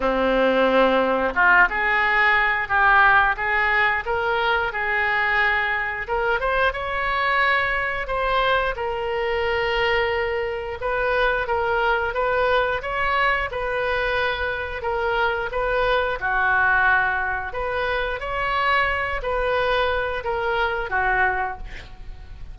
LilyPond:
\new Staff \with { instrumentName = "oboe" } { \time 4/4 \tempo 4 = 89 c'2 f'8 gis'4. | g'4 gis'4 ais'4 gis'4~ | gis'4 ais'8 c''8 cis''2 | c''4 ais'2. |
b'4 ais'4 b'4 cis''4 | b'2 ais'4 b'4 | fis'2 b'4 cis''4~ | cis''8 b'4. ais'4 fis'4 | }